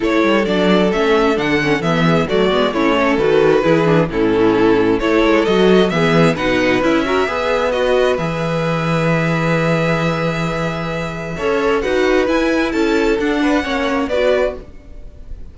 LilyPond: <<
  \new Staff \with { instrumentName = "violin" } { \time 4/4 \tempo 4 = 132 cis''4 d''4 e''4 fis''4 | e''4 d''4 cis''4 b'4~ | b'4 a'2 cis''4 | dis''4 e''4 fis''4 e''4~ |
e''4 dis''4 e''2~ | e''1~ | e''2 fis''4 gis''4 | a''4 fis''2 d''4 | }
  \new Staff \with { instrumentName = "violin" } { \time 4/4 a'1~ | a'8 gis'8 fis'4 e'8 a'4. | gis'4 e'2 a'4~ | a'4 gis'4 b'4. ais'8 |
b'1~ | b'1~ | b'4 cis''4 b'2 | a'4. b'8 cis''4 b'4 | }
  \new Staff \with { instrumentName = "viola" } { \time 4/4 e'4 d'4 cis'4 d'8 cis'8 | b4 a8 b8 cis'4 fis'4 | e'8 d'8 cis'2 e'4 | fis'4 b4 dis'4 e'8 fis'8 |
gis'4 fis'4 gis'2~ | gis'1~ | gis'4 a'4 fis'4 e'4~ | e'4 d'4 cis'4 fis'4 | }
  \new Staff \with { instrumentName = "cello" } { \time 4/4 a8 g8 fis4 a4 d4 | e4 fis8 gis8 a4 dis4 | e4 a,2 a8 gis8 | fis4 e4 b,4 cis'4 |
b2 e2~ | e1~ | e4 cis'4 dis'4 e'4 | cis'4 d'4 ais4 b4 | }
>>